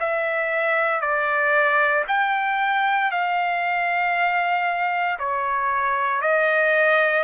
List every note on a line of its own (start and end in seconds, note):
0.00 1.01 E5
1.01 2.04 D5
2.08 3.11 G5
3.11 5.18 F5
5.19 6.22 C#5
6.22 7.24 D#5